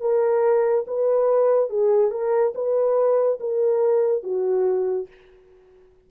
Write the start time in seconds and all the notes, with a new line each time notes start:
0.00 A#4
0.87 B4
1.69 G#4
2.10 A#4
2.54 B4
3.40 A#4
4.23 F#4